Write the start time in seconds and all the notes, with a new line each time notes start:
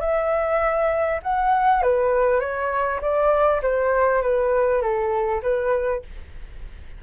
0.00 E5
1.22 F#5
1.82 B4
2.40 C#5
3.01 D5
3.62 C5
4.22 B4
4.81 A4
5.42 B4